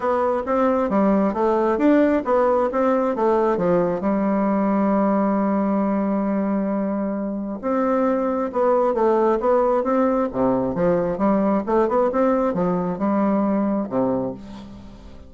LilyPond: \new Staff \with { instrumentName = "bassoon" } { \time 4/4 \tempo 4 = 134 b4 c'4 g4 a4 | d'4 b4 c'4 a4 | f4 g2.~ | g1~ |
g4 c'2 b4 | a4 b4 c'4 c4 | f4 g4 a8 b8 c'4 | f4 g2 c4 | }